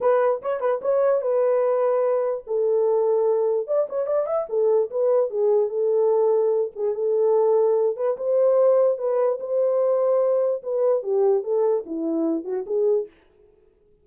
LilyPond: \new Staff \with { instrumentName = "horn" } { \time 4/4 \tempo 4 = 147 b'4 cis''8 b'8 cis''4 b'4~ | b'2 a'2~ | a'4 d''8 cis''8 d''8 e''8 a'4 | b'4 gis'4 a'2~ |
a'8 gis'8 a'2~ a'8 b'8 | c''2 b'4 c''4~ | c''2 b'4 g'4 | a'4 e'4. fis'8 gis'4 | }